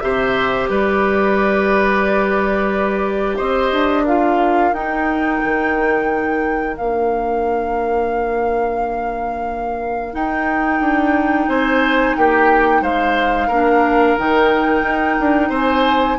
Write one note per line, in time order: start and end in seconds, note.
0.00 0.69 C3
0.00 4.06 G4
0.00 0.70 C5
0.00 0.67 E5
0.69 3.39 G3
0.69 3.36 B4
0.69 3.37 D5
3.36 3.72 C4
3.36 4.03 C5
3.36 4.05 D#5
3.72 4.72 D4
4.03 4.74 F4
4.03 11.45 A#4
4.03 4.74 F5
4.72 5.40 D#4
4.72 6.76 D#4
4.72 6.76 G5
5.44 6.77 D#3
6.76 10.14 A#3
6.76 10.13 D4
6.76 10.14 F5
10.13 13.50 D#4
10.13 10.80 D#4
10.13 11.48 G5
10.80 11.47 D4
11.48 12.15 C4
11.48 12.16 C5
11.48 12.16 G#5
12.16 12.81 A#3
12.16 12.82 G4
12.16 12.83 G5
12.81 13.48 G#3
12.81 13.47 C5
12.81 14.18 F5
13.47 14.16 A#3
13.47 14.18 D4
13.47 15.49 A#4
14.18 14.82 D#3
14.18 16.19 D#4
14.18 15.53 G5
14.82 15.16 D#4
15.20 15.50 D4
15.49 16.17 C4
15.49 16.17 C5
15.49 16.19 G#5